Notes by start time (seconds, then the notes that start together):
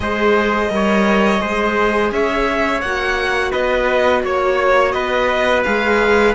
0.00 G#3 G#4 C5 D#5
0.69 G3 A#4 C#5
1.38 G#3 G#4 C5
2.11 C#4 C#5 E5
2.81 A#3 F#4 F#5
3.51 B3 B4 D#5
4.23 A#3 C#5
4.92 B3 B4 D#5
5.63 G#3 G#4 F5